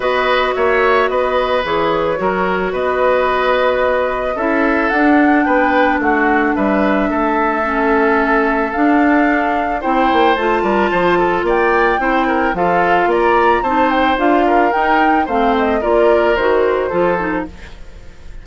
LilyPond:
<<
  \new Staff \with { instrumentName = "flute" } { \time 4/4 \tempo 4 = 110 dis''4 e''4 dis''4 cis''4~ | cis''4 dis''2. | e''4 fis''4 g''4 fis''4 | e''1 |
f''2 g''4 a''4~ | a''4 g''2 f''4 | ais''4 a''8 g''8 f''4 g''4 | f''8 dis''8 d''4 c''2 | }
  \new Staff \with { instrumentName = "oboe" } { \time 4/4 b'4 cis''4 b'2 | ais'4 b'2. | a'2 b'4 fis'4 | b'4 a'2.~ |
a'2 c''4. ais'8 | c''8 a'8 d''4 c''8 ais'8 a'4 | d''4 c''4. ais'4. | c''4 ais'2 a'4 | }
  \new Staff \with { instrumentName = "clarinet" } { \time 4/4 fis'2. gis'4 | fis'1 | e'4 d'2.~ | d'2 cis'2 |
d'2 e'4 f'4~ | f'2 e'4 f'4~ | f'4 dis'4 f'4 dis'4 | c'4 f'4 fis'4 f'8 dis'8 | }
  \new Staff \with { instrumentName = "bassoon" } { \time 4/4 b4 ais4 b4 e4 | fis4 b2. | cis'4 d'4 b4 a4 | g4 a2. |
d'2 c'8 ais8 a8 g8 | f4 ais4 c'4 f4 | ais4 c'4 d'4 dis'4 | a4 ais4 dis4 f4 | }
>>